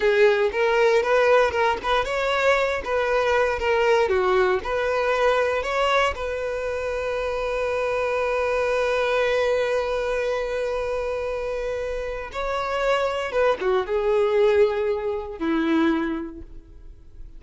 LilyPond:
\new Staff \with { instrumentName = "violin" } { \time 4/4 \tempo 4 = 117 gis'4 ais'4 b'4 ais'8 b'8 | cis''4. b'4. ais'4 | fis'4 b'2 cis''4 | b'1~ |
b'1~ | b'1 | cis''2 b'8 fis'8 gis'4~ | gis'2 e'2 | }